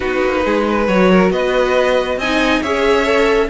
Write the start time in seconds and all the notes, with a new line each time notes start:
0.00 B3 D#4 F#4 B4
0.23 A#3
0.45 G#3 G#4
0.67 B4
0.87 F#3 F#4 C#5
1.11 A#4
1.30 B3 B4 D#5
2.16 C4 D#4 D#5 G#5
2.62 C#4 G#4 C#5 E5
3.04 A4